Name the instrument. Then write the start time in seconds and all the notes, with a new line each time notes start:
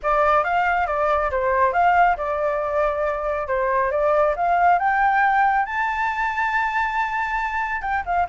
flute
0.02 D5
0.43 F5
0.86 D5
1.30 C5
1.73 F5
2.17 D5
3.47 C5
3.91 D5
4.35 F5
4.78 G5
5.65 A5
7.81 G5
8.05 F5